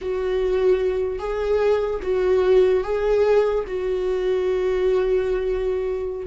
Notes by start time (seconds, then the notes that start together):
0.01 F#4
1.18 G#4
2.02 F#4
2.83 G#4
3.67 F#4